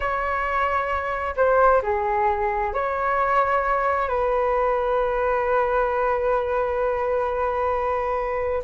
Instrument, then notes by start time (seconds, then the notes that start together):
flute
0.00 C#5
1.36 C5
1.82 G#4
2.73 C#5
4.08 B4